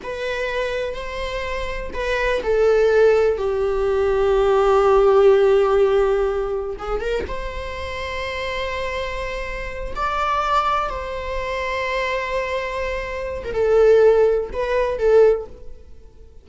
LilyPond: \new Staff \with { instrumentName = "viola" } { \time 4/4 \tempo 4 = 124 b'2 c''2 | b'4 a'2 g'4~ | g'1~ | g'2 gis'8 ais'8 c''4~ |
c''1~ | c''8 d''2 c''4.~ | c''2.~ c''8. ais'16 | a'2 b'4 a'4 | }